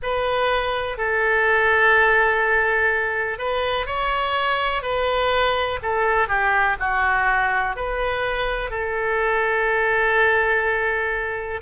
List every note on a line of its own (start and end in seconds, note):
0.02 0.97 B4
0.97 3.38 A4
3.38 3.86 B4
3.86 4.82 C#5
4.82 5.79 B4
5.82 6.28 A4
6.28 6.76 G4
6.79 7.76 F#4
7.76 8.70 B4
8.70 11.60 A4